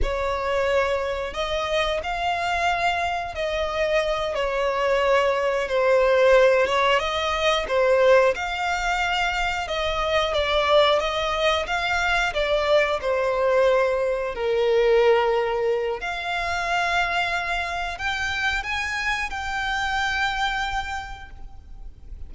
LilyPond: \new Staff \with { instrumentName = "violin" } { \time 4/4 \tempo 4 = 90 cis''2 dis''4 f''4~ | f''4 dis''4. cis''4.~ | cis''8 c''4. cis''8 dis''4 c''8~ | c''8 f''2 dis''4 d''8~ |
d''8 dis''4 f''4 d''4 c''8~ | c''4. ais'2~ ais'8 | f''2. g''4 | gis''4 g''2. | }